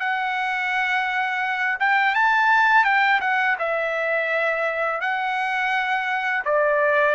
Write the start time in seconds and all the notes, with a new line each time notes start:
0.00 F#5
1.80 G5
2.15 A5
2.85 G5
3.21 F#5
3.59 E5
5.01 F#5
6.45 D5